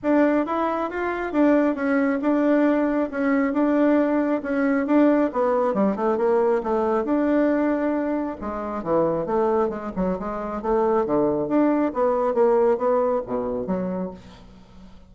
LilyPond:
\new Staff \with { instrumentName = "bassoon" } { \time 4/4 \tempo 4 = 136 d'4 e'4 f'4 d'4 | cis'4 d'2 cis'4 | d'2 cis'4 d'4 | b4 g8 a8 ais4 a4 |
d'2. gis4 | e4 a4 gis8 fis8 gis4 | a4 d4 d'4 b4 | ais4 b4 b,4 fis4 | }